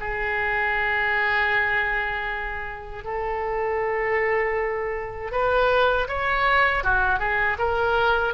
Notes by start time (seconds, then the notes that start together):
0.00 G#4
3.04 A4
5.32 B4
6.08 C#5
6.84 F#4
7.19 G#4
7.58 A#4